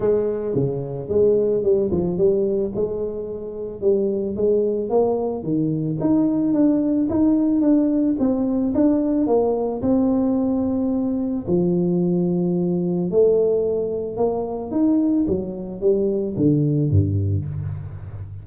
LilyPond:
\new Staff \with { instrumentName = "tuba" } { \time 4/4 \tempo 4 = 110 gis4 cis4 gis4 g8 f8 | g4 gis2 g4 | gis4 ais4 dis4 dis'4 | d'4 dis'4 d'4 c'4 |
d'4 ais4 c'2~ | c'4 f2. | a2 ais4 dis'4 | fis4 g4 d4 g,4 | }